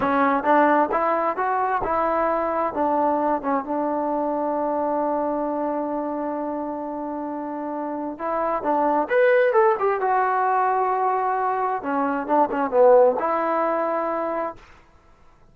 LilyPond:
\new Staff \with { instrumentName = "trombone" } { \time 4/4 \tempo 4 = 132 cis'4 d'4 e'4 fis'4 | e'2 d'4. cis'8 | d'1~ | d'1~ |
d'2 e'4 d'4 | b'4 a'8 g'8 fis'2~ | fis'2 cis'4 d'8 cis'8 | b4 e'2. | }